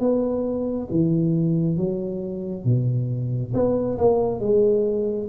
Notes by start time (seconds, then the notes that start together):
0.00 B3
0.91 E3
1.77 F#3
2.65 B2
3.54 B3
3.99 A#3
4.40 G#3